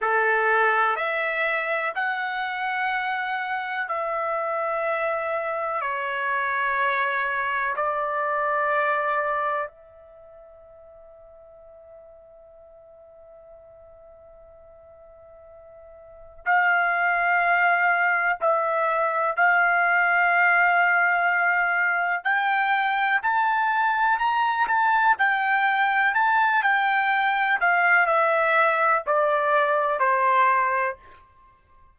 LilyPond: \new Staff \with { instrumentName = "trumpet" } { \time 4/4 \tempo 4 = 62 a'4 e''4 fis''2 | e''2 cis''2 | d''2 e''2~ | e''1~ |
e''4 f''2 e''4 | f''2. g''4 | a''4 ais''8 a''8 g''4 a''8 g''8~ | g''8 f''8 e''4 d''4 c''4 | }